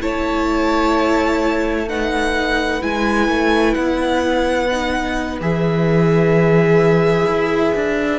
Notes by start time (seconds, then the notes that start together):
0.00 A3 E4 C#5 A5
1.88 D#4 B4 F#5
2.81 G#3 E4 G#5
3.28 A3
3.74 B3 F#5
4.71 D#4
5.40 E3 G#4 E5
7.26 E4
7.75 D4